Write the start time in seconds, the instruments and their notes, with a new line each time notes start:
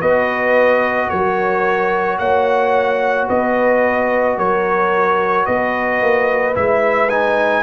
0.00 tuba B3, trombone F#4, horn B4, trumpet D#5
1.10 tuba F#3, horn A#4, trumpet C#5
2.19 tuba A#3, horn C#5, trumpet F#5
3.28 tuba B3, horn B4, trumpet D#5
4.37 tuba F#3, horn A#4, trumpet C#5
5.46 tuba B3, horn B4, trumpet D#5
6.02 tuba A#3
6.55 tuba G#3, trombone E4, trumpet E5
7.10 trombone D#4, trumpet G#5